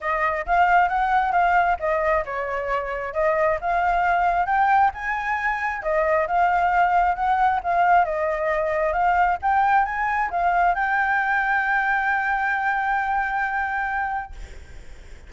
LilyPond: \new Staff \with { instrumentName = "flute" } { \time 4/4 \tempo 4 = 134 dis''4 f''4 fis''4 f''4 | dis''4 cis''2 dis''4 | f''2 g''4 gis''4~ | gis''4 dis''4 f''2 |
fis''4 f''4 dis''2 | f''4 g''4 gis''4 f''4 | g''1~ | g''1 | }